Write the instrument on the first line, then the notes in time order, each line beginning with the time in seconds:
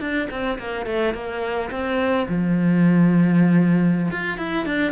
cello
0.00 D4
0.30 C4
0.59 A#3
0.86 A3
1.14 A#3
1.71 C4
2.29 F3
4.11 F4
4.37 E4
4.65 D4